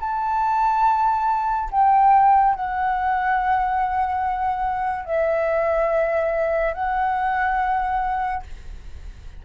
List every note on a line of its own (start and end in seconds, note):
0.00 1.69 A5
1.71 2.55 G5
2.55 5.05 F#5
5.05 6.74 E5
6.74 8.43 F#5